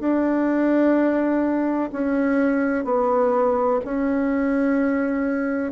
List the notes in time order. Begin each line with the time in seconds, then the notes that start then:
0.00 D4
1.93 C#4
2.84 B3
3.85 C#4